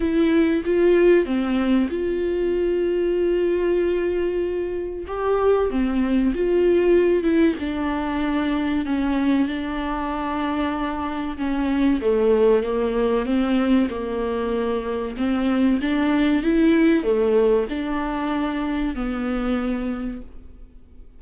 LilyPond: \new Staff \with { instrumentName = "viola" } { \time 4/4 \tempo 4 = 95 e'4 f'4 c'4 f'4~ | f'1 | g'4 c'4 f'4. e'8 | d'2 cis'4 d'4~ |
d'2 cis'4 a4 | ais4 c'4 ais2 | c'4 d'4 e'4 a4 | d'2 b2 | }